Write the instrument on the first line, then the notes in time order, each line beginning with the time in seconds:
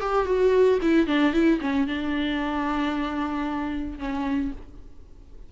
viola
0.00 G4
0.25 F#4
0.81 E4
1.06 D4
1.33 E4
1.60 C#4
1.87 D4
3.98 C#4